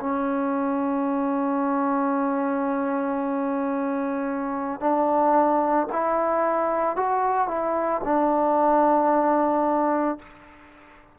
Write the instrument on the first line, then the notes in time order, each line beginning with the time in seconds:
trombone
0.00 C#4
4.81 D4
5.93 E4
6.97 F#4
7.48 E4
8.05 D4